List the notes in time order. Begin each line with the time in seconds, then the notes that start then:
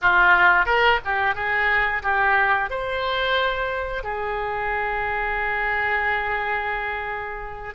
0.01 F4
0.65 A#4
1.04 G4
1.35 G#4
2.02 G4
2.70 C5
4.03 G#4